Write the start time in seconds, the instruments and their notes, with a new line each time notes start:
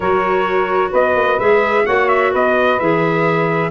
0.00 tuba F#3, clarinet F#4, saxophone A#4, trumpet C#5
0.91 tuba B3, saxophone B4, trumpet D#5
1.15 tuba A#3
1.39 tuba G#3, clarinet G#4, trumpet E5
1.84 tuba A#3, clarinet F#4, saxophone C#5, trumpet F#5
2.08 trumpet E5
2.31 tuba B3, saxophone B4, trumpet D#5
2.79 tuba E3, clarinet G#4, trumpet E5